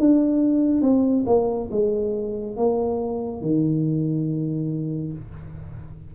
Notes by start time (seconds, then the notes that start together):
0.00 D4
0.82 C4
1.27 A#3
1.71 G#3
2.57 A#3
3.42 D#3